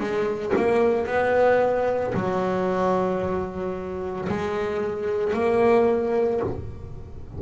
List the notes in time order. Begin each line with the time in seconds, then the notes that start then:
0.00 G#3
0.56 A#3
1.07 B3
2.15 F#3
4.29 G#3
5.33 A#3